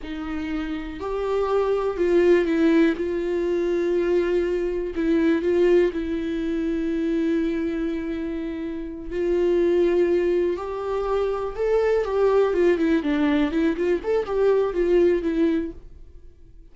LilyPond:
\new Staff \with { instrumentName = "viola" } { \time 4/4 \tempo 4 = 122 dis'2 g'2 | f'4 e'4 f'2~ | f'2 e'4 f'4 | e'1~ |
e'2~ e'8 f'4.~ | f'4. g'2 a'8~ | a'8 g'4 f'8 e'8 d'4 e'8 | f'8 a'8 g'4 f'4 e'4 | }